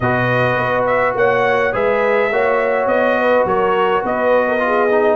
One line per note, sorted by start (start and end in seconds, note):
0.00 0.57 B2
0.00 1.72 F#4
0.00 1.17 B4
0.00 0.84 D#5
0.57 1.15 B3
0.86 1.15 E5
1.15 1.72 A#3
1.15 1.73 C#5
1.15 1.74 F#5
1.72 2.31 G#3
1.72 2.30 G#4
1.72 2.31 B4
1.72 2.87 E5
2.31 2.85 A#3
2.31 4.58 F#4
2.31 3.19 C#5
2.85 3.43 B3
2.85 3.45 D#5
3.19 3.47 B4
3.45 4.03 F#3
3.45 4.02 A#4
3.45 4.04 C#5
4.02 5.16 B3
4.02 4.45 B4
4.02 5.16 D#5
4.48 4.62 A#4
4.58 4.87 F4
4.66 5.16 G#4
4.90 5.16 D#4